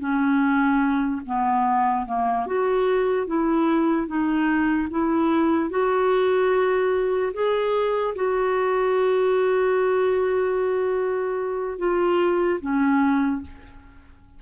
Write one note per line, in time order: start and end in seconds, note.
0.00 1.22 C#4
1.26 2.06 B3
2.06 2.47 A#3
2.47 3.27 F#4
3.27 4.08 E4
4.08 4.89 D#4
4.91 5.71 E4
5.71 7.33 F#4
7.34 8.15 G#4
8.16 11.79 F#4
11.79 12.60 F4
12.61 13.42 C#4